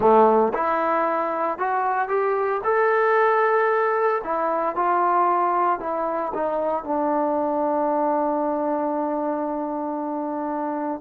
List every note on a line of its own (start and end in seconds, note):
0.00 0.52 A3
0.53 1.58 E4
1.58 2.08 F#4
2.08 2.61 G4
2.64 4.22 A4
4.24 4.75 E4
4.75 5.79 F4
5.79 6.32 E4
6.34 6.83 D#4
6.83 11.01 D4